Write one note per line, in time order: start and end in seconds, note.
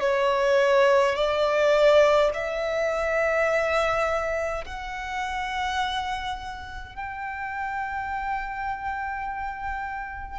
0.00 1.15 C#5
1.15 2.31 D5
2.33 4.64 E5
4.65 6.95 F#5
6.95 10.39 G5